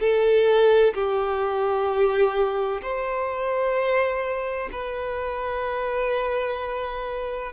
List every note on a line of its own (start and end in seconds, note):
0.00 0.94 A4
0.94 2.81 G4
2.82 4.69 C5
4.71 7.53 B4